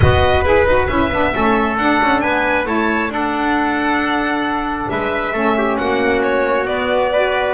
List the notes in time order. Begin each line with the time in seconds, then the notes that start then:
0.00 B3 F#4 B4 D#5
0.41 E4 G#4 B4
0.65 D#4 F#4
0.87 C#4 E4 E5
1.11 B3 D4
1.32 A3 C#4 A4
1.77 D4 F#5
2.01 C#4
2.20 B3 B4 G#5
2.65 A3 E4 C#5 A5
3.09 D4 A4 F#5
4.89 G#3 B4 E5
5.32 A3 C#4 A4
5.57 G4
5.77 A#3 F#4 F#5
6.22 C#5
6.65 B3 D5
7.12 F#4 B4